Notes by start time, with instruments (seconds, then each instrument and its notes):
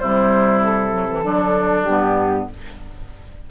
0.00 bassoon C3, clarinet G3, oboe E4, flute C5
0.64 flute A4
0.92 clarinet F#3
1.09 clarinet E3
1.23 bassoon D3, clarinet F#3, oboe D4
1.83 bassoon G2, clarinet B3, flute G4